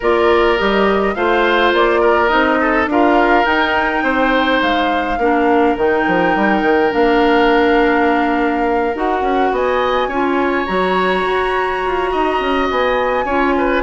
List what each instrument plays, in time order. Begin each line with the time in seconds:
0.00 bassoon A#3, clarinet F4, oboe A#4, flute D5
0.57 bassoon G3, clarinet G4, flute D#5
1.14 bassoon A3, clarinet F4, oboe C5, flute F5
1.73 bassoon A#3, flute D5
2.00 oboe A#4
2.28 bassoon C4, clarinet D#4, flute D#5
2.60 oboe A4
2.86 bassoon D4, clarinet F4, oboe A#4, flute F5
3.45 clarinet D#4, bassoon D#4, flute G5
4.03 bassoon C4, oboe C5
4.61 bassoon G#3, flute F5
5.18 bassoon A#3, clarinet D4, oboe A#4
5.76 bassoon D#3, clarinet D#4, flute G5
6.07 bassoon F3
6.35 bassoon G3
6.62 bassoon D#3
6.90 bassoon A#3, clarinet D4, flute F5
8.94 bassoon D#4, clarinet F#4, flute F#5
9.21 bassoon C#4
9.51 bassoon B3, oboe D#5, flute G#5
10.07 bassoon C#4, clarinet F4, oboe C#5
10.66 bassoon F#3, clarinet F#4, flute A#5
11.26 bassoon F#4
11.85 bassoon F4
12.11 bassoon D#4, oboe D#5
12.40 bassoon C#4
12.70 bassoon B3, flute G#5
13.25 bassoon C#4, clarinet F4, oboe C#5
13.57 oboe B4